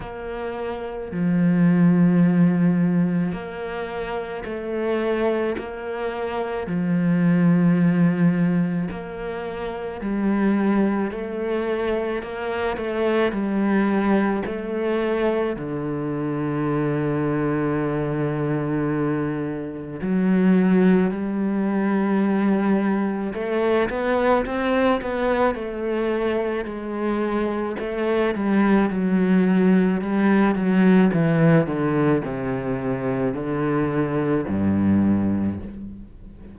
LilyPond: \new Staff \with { instrumentName = "cello" } { \time 4/4 \tempo 4 = 54 ais4 f2 ais4 | a4 ais4 f2 | ais4 g4 a4 ais8 a8 | g4 a4 d2~ |
d2 fis4 g4~ | g4 a8 b8 c'8 b8 a4 | gis4 a8 g8 fis4 g8 fis8 | e8 d8 c4 d4 g,4 | }